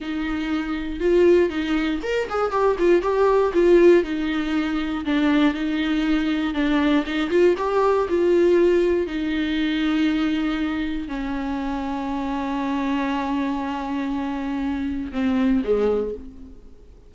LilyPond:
\new Staff \with { instrumentName = "viola" } { \time 4/4 \tempo 4 = 119 dis'2 f'4 dis'4 | ais'8 gis'8 g'8 f'8 g'4 f'4 | dis'2 d'4 dis'4~ | dis'4 d'4 dis'8 f'8 g'4 |
f'2 dis'2~ | dis'2 cis'2~ | cis'1~ | cis'2 c'4 gis4 | }